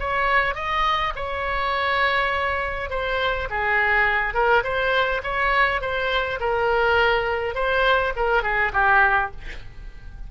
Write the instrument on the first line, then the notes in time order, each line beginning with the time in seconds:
oboe
0.00 C#5
0.55 D#5
1.16 C#5
2.90 C5
3.50 G#4
4.34 A#4
4.64 C5
5.24 C#5
5.81 C5
6.41 A#4
7.55 C5
8.16 A#4
8.44 G#4
8.74 G4